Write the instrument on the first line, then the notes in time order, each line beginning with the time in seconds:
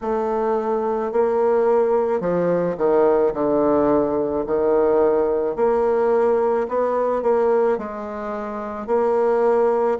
bassoon
0.01 A3
1.12 A#3
2.20 F3
2.77 D#3
3.33 D3
4.46 D#3
5.56 A#3
6.68 B3
7.22 A#3
7.78 G#3
8.86 A#3